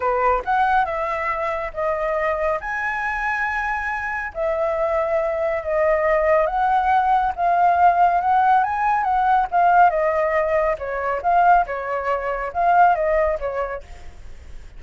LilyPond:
\new Staff \with { instrumentName = "flute" } { \time 4/4 \tempo 4 = 139 b'4 fis''4 e''2 | dis''2 gis''2~ | gis''2 e''2~ | e''4 dis''2 fis''4~ |
fis''4 f''2 fis''4 | gis''4 fis''4 f''4 dis''4~ | dis''4 cis''4 f''4 cis''4~ | cis''4 f''4 dis''4 cis''4 | }